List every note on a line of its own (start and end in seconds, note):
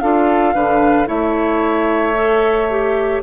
0.00 0.54 D4
0.00 0.54 F4
0.00 0.54 A4
0.00 1.07 F5
0.54 1.08 D3
0.54 1.06 D4
0.54 1.07 B4
1.06 3.22 A3
1.06 2.13 E4
1.06 3.22 C#5
1.06 3.22 E5
2.14 2.68 A4
2.70 3.23 G4